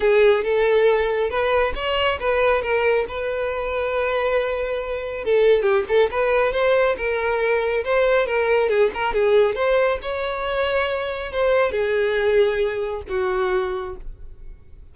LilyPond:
\new Staff \with { instrumentName = "violin" } { \time 4/4 \tempo 4 = 138 gis'4 a'2 b'4 | cis''4 b'4 ais'4 b'4~ | b'1 | a'4 g'8 a'8 b'4 c''4 |
ais'2 c''4 ais'4 | gis'8 ais'8 gis'4 c''4 cis''4~ | cis''2 c''4 gis'4~ | gis'2 fis'2 | }